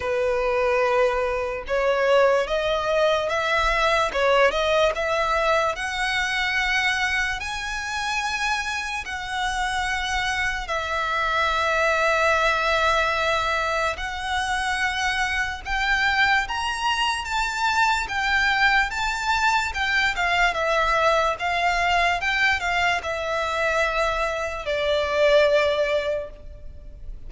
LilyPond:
\new Staff \with { instrumentName = "violin" } { \time 4/4 \tempo 4 = 73 b'2 cis''4 dis''4 | e''4 cis''8 dis''8 e''4 fis''4~ | fis''4 gis''2 fis''4~ | fis''4 e''2.~ |
e''4 fis''2 g''4 | ais''4 a''4 g''4 a''4 | g''8 f''8 e''4 f''4 g''8 f''8 | e''2 d''2 | }